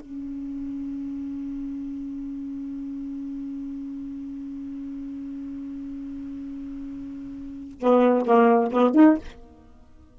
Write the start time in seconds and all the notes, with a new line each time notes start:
0.00 C#4
7.80 B3
8.26 A#3
8.72 B3
8.95 D#4